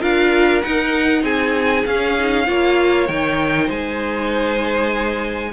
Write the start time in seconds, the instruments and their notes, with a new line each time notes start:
0.00 cello D4, viola F4, violin A#4 F5
0.62 viola D#4, cello D#4, violin F#5
1.23 cello C4, violin G#4 G#5
1.85 cello C#4, viola C#4, violin F5
2.19 viola D#4
2.46 cello A#3, viola F4, violin C#5
3.07 cello D#3, viola D#4, violin G5
3.66 cello G#3, violin C5 G#5